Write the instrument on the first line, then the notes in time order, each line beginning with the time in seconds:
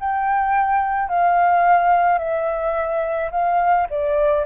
flute
0.00 G5
1.09 F5
2.19 E5
3.31 F5
3.90 D5